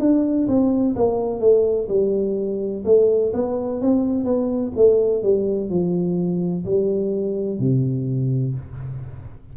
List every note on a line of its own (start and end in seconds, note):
0.00 0.48 D4
0.48 0.96 C4
0.96 1.40 A#3
1.40 1.88 A3
1.89 2.84 G3
2.85 3.32 A3
3.34 3.81 B3
3.81 4.25 C4
4.25 4.72 B3
4.76 5.23 A3
5.23 5.70 G3
5.70 6.65 F3
6.66 7.60 G3
7.60 8.55 C3